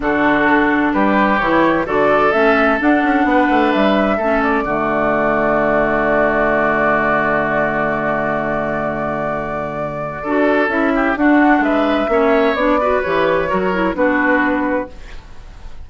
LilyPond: <<
  \new Staff \with { instrumentName = "flute" } { \time 4/4 \tempo 4 = 129 a'2 b'4 cis''4 | d''4 e''4 fis''2 | e''4. d''2~ d''8~ | d''1~ |
d''1~ | d''2. e''4 | fis''4 e''2 d''4 | cis''2 b'2 | }
  \new Staff \with { instrumentName = "oboe" } { \time 4/4 fis'2 g'2 | a'2. b'4~ | b'4 a'4 fis'2~ | fis'1~ |
fis'1~ | fis'2 a'4. g'8 | fis'4 b'4 cis''4. b'8~ | b'4 ais'4 fis'2 | }
  \new Staff \with { instrumentName = "clarinet" } { \time 4/4 d'2. e'4 | fis'4 cis'4 d'2~ | d'4 cis'4 a2~ | a1~ |
a1~ | a2 fis'4 e'4 | d'2 cis'4 d'8 fis'8 | g'4 fis'8 e'8 d'2 | }
  \new Staff \with { instrumentName = "bassoon" } { \time 4/4 d2 g4 e4 | d4 a4 d'8 cis'8 b8 a8 | g4 a4 d2~ | d1~ |
d1~ | d2 d'4 cis'4 | d'4 gis4 ais4 b4 | e4 fis4 b2 | }
>>